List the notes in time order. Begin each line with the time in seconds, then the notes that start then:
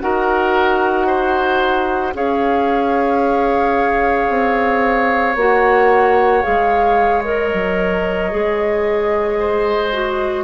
0.00 D#4 F#4 A#4 F#5
1.06 C5
2.13 C#4 G#4 C#5 F5
4.28 C4
5.35 A#3 F#4 F#5
6.42 G#3 G#4 F5
7.24 A#4 D#5
7.53 F#3
8.31 G#3 G#4
9.39 C5
9.92 F#4